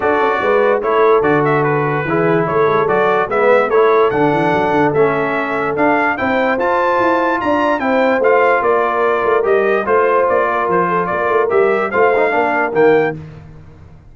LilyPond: <<
  \new Staff \with { instrumentName = "trumpet" } { \time 4/4 \tempo 4 = 146 d''2 cis''4 d''8 e''8 | b'2 cis''4 d''4 | e''4 cis''4 fis''2 | e''2 f''4 g''4 |
a''2 ais''4 g''4 | f''4 d''2 dis''4 | c''4 d''4 c''4 d''4 | e''4 f''2 g''4 | }
  \new Staff \with { instrumentName = "horn" } { \time 4/4 a'4 b'4 a'2~ | a'4 gis'4 a'2 | b'4 a'2.~ | a'2. c''4~ |
c''2 d''4 c''4~ | c''4 ais'2. | c''4. ais'4 a'8 ais'4~ | ais'4 c''4 ais'2 | }
  \new Staff \with { instrumentName = "trombone" } { \time 4/4 fis'2 e'4 fis'4~ | fis'4 e'2 fis'4 | b4 e'4 d'2 | cis'2 d'4 e'4 |
f'2. e'4 | f'2. g'4 | f'1 | g'4 f'8 dis'8 d'4 ais4 | }
  \new Staff \with { instrumentName = "tuba" } { \time 4/4 d'8 cis'8 gis4 a4 d4~ | d4 e4 a8 gis8 fis4 | gis4 a4 d8 e8 fis8 d8 | a2 d'4 c'4 |
f'4 e'4 d'4 c'4 | a4 ais4. a8 g4 | a4 ais4 f4 ais8 a8 | g4 a4 ais4 dis4 | }
>>